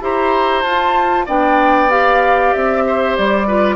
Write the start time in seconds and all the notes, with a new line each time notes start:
0.00 E4 G4 C5 A#5
0.63 F4 A5
1.26 B3 D4 D5 G5
1.89 G4 F5
2.53 C4 E5
2.87 C5
3.17 G3 D5
3.47 F4 B4